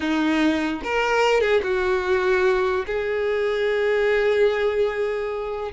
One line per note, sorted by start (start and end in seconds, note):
0.00 0.81 D#4
0.83 1.40 A#4
1.40 1.61 G#4
1.63 2.85 F#4
2.86 5.72 G#4